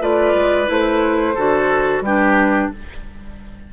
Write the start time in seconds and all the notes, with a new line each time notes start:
0.00 A3 F4 B4 D5
0.34 G#3
0.66 A3 E4 C5
1.35 D3 F#4 A4
2.01 G3 D4 G4 B4